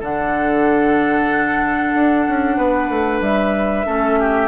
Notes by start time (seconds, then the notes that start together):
0.00 D3 D4 A4 F#5
1.94 D4
2.28 C#4
2.57 B3 B4
2.88 A3
3.20 G3 E5
3.85 A3 C#4 A4
4.19 G4